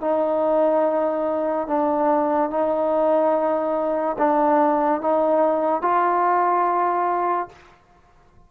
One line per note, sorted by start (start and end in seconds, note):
0.00 1.67 D#4
1.67 2.50 D4
2.50 4.16 D#4
4.18 5.00 D4
5.00 5.81 D#4
5.81 7.48 F4